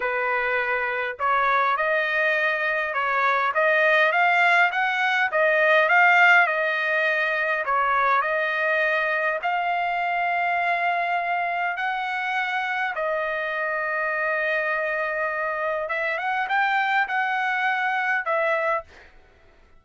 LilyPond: \new Staff \with { instrumentName = "trumpet" } { \time 4/4 \tempo 4 = 102 b'2 cis''4 dis''4~ | dis''4 cis''4 dis''4 f''4 | fis''4 dis''4 f''4 dis''4~ | dis''4 cis''4 dis''2 |
f''1 | fis''2 dis''2~ | dis''2. e''8 fis''8 | g''4 fis''2 e''4 | }